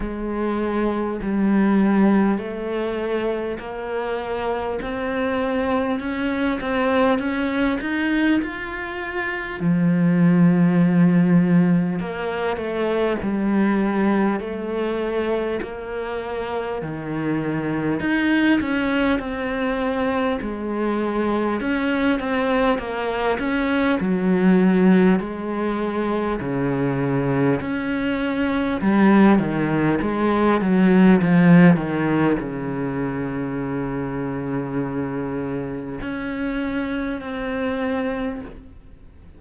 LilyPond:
\new Staff \with { instrumentName = "cello" } { \time 4/4 \tempo 4 = 50 gis4 g4 a4 ais4 | c'4 cis'8 c'8 cis'8 dis'8 f'4 | f2 ais8 a8 g4 | a4 ais4 dis4 dis'8 cis'8 |
c'4 gis4 cis'8 c'8 ais8 cis'8 | fis4 gis4 cis4 cis'4 | g8 dis8 gis8 fis8 f8 dis8 cis4~ | cis2 cis'4 c'4 | }